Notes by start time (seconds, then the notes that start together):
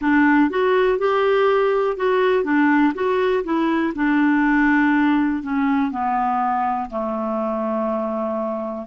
0.00 D4
0.50 F#4
0.98 G4
1.96 F#4
2.44 D4
2.94 F#4
3.44 E4
3.95 D4
5.42 C#4
5.91 B3
6.89 A3